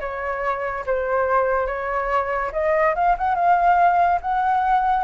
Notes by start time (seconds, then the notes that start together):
0.00 C#5
0.86 C5
1.66 C#5
2.52 D#5
2.95 F5
3.18 F#5
3.35 F5
4.21 F#5